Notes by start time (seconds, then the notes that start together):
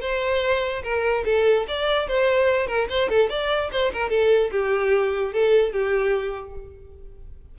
0.00 C5
0.83 A#4
1.25 A4
1.68 D5
2.07 C5
2.67 A#4
2.89 C5
3.09 A4
3.29 D5
3.72 C5
3.93 A#4
4.09 A4
4.51 G4
5.33 A4
5.72 G4